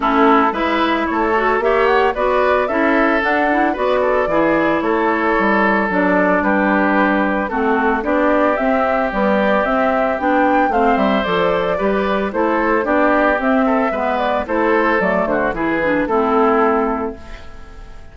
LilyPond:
<<
  \new Staff \with { instrumentName = "flute" } { \time 4/4 \tempo 4 = 112 a'4 e''4 cis''4 e''8 fis''8 | d''4 e''4 fis''4 d''4~ | d''4 cis''2 d''4 | b'2 a'4 d''4 |
e''4 d''4 e''4 g''4 | f''8 e''8 d''2 c''4 | d''4 e''4. d''8 c''4 | d''8 c''8 b'4 a'2 | }
  \new Staff \with { instrumentName = "oboe" } { \time 4/4 e'4 b'4 a'4 cis''4 | b'4 a'2 b'8 a'8 | gis'4 a'2. | g'2 fis'4 g'4~ |
g'1 | c''2 b'4 a'4 | g'4. a'8 b'4 a'4~ | a'8 fis'8 gis'4 e'2 | }
  \new Staff \with { instrumentName = "clarinet" } { \time 4/4 cis'4 e'4. fis'8 g'4 | fis'4 e'4 d'8 e'8 fis'4 | e'2. d'4~ | d'2 c'4 d'4 |
c'4 g4 c'4 d'4 | c'4 a'4 g'4 e'4 | d'4 c'4 b4 e'4 | a4 e'8 d'8 c'2 | }
  \new Staff \with { instrumentName = "bassoon" } { \time 4/4 a4 gis4 a4 ais4 | b4 cis'4 d'4 b4 | e4 a4 g4 fis4 | g2 a4 b4 |
c'4 b4 c'4 b4 | a8 g8 f4 g4 a4 | b4 c'4 gis4 a4 | fis8 d8 e4 a2 | }
>>